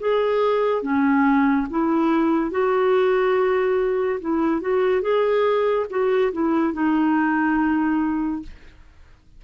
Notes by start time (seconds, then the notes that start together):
0.00 G#4
0.83 C#4
1.71 E4
2.51 F#4
4.21 E4
4.61 F#4
5.02 G#4
5.90 F#4
6.33 E4
6.74 D#4